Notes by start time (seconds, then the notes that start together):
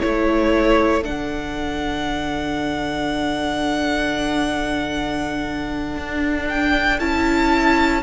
0.00 A3 E4 A4 C#5
1.03 D3 D4 F#5
5.96 D4
6.49 G5
6.99 C#4 E4 A5